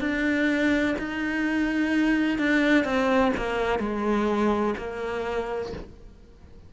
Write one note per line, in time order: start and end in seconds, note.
0.00 0.95 D4
0.98 2.38 D#4
2.38 2.84 D4
2.84 3.32 C4
3.37 3.79 A#3
3.79 4.74 G#3
4.77 5.73 A#3